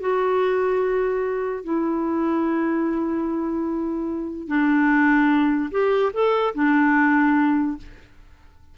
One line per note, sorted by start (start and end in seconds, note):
0.00 1.63 F#4
1.63 4.47 E4
4.47 5.70 D4
5.71 6.12 G4
6.13 6.54 A4
6.54 7.77 D4